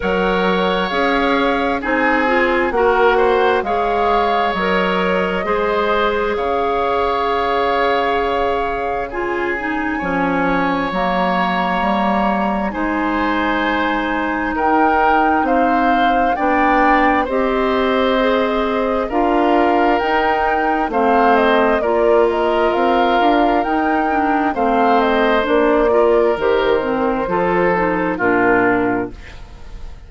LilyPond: <<
  \new Staff \with { instrumentName = "flute" } { \time 4/4 \tempo 4 = 66 fis''4 f''4 gis''4 fis''4 | f''4 dis''2 f''4~ | f''2 gis''2 | ais''2 gis''2 |
g''4 f''4 g''4 dis''4~ | dis''4 f''4 g''4 f''8 dis''8 | d''8 dis''8 f''4 g''4 f''8 dis''8 | d''4 c''2 ais'4 | }
  \new Staff \with { instrumentName = "oboe" } { \time 4/4 cis''2 gis'4 ais'8 c''8 | cis''2 c''4 cis''4~ | cis''2 gis'4 cis''4~ | cis''2 c''2 |
ais'4 c''4 d''4 c''4~ | c''4 ais'2 c''4 | ais'2. c''4~ | c''8 ais'4. a'4 f'4 | }
  \new Staff \with { instrumentName = "clarinet" } { \time 4/4 ais'4 gis'4 dis'8 f'8 fis'4 | gis'4 ais'4 gis'2~ | gis'2 f'8 dis'8 cis'4 | ais2 dis'2~ |
dis'2 d'4 g'4 | gis'4 f'4 dis'4 c'4 | f'2 dis'8 d'8 c'4 | d'8 f'8 g'8 c'8 f'8 dis'8 d'4 | }
  \new Staff \with { instrumentName = "bassoon" } { \time 4/4 fis4 cis'4 c'4 ais4 | gis4 fis4 gis4 cis4~ | cis2. f4 | fis4 g4 gis2 |
dis'4 c'4 b4 c'4~ | c'4 d'4 dis'4 a4 | ais4 c'8 d'8 dis'4 a4 | ais4 dis4 f4 ais,4 | }
>>